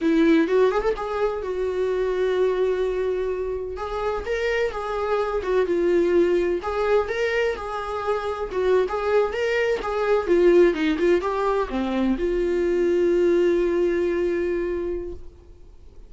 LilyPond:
\new Staff \with { instrumentName = "viola" } { \time 4/4 \tempo 4 = 127 e'4 fis'8 gis'16 a'16 gis'4 fis'4~ | fis'1 | gis'4 ais'4 gis'4. fis'8 | f'2 gis'4 ais'4 |
gis'2 fis'8. gis'4 ais'16~ | ais'8. gis'4 f'4 dis'8 f'8 g'16~ | g'8. c'4 f'2~ f'16~ | f'1 | }